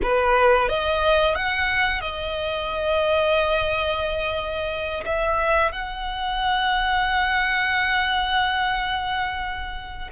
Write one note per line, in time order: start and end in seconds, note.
0.02 0.68 B4
0.68 1.35 D#5
1.35 2.00 F#5
2.00 5.04 D#5
5.05 5.72 E5
5.72 10.10 F#5